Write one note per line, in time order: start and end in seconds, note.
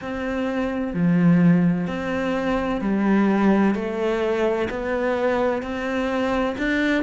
0.01 0.93 C4
0.93 1.87 F3
1.87 2.81 C4
2.81 3.75 G3
3.75 4.68 A3
4.70 5.62 B3
5.62 6.56 C4
6.58 7.03 D4